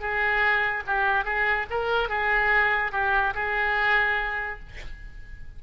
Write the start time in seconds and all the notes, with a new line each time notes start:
0.00 G#4
0.87 G4
1.24 G#4
1.70 A#4
2.09 G#4
2.92 G4
3.35 G#4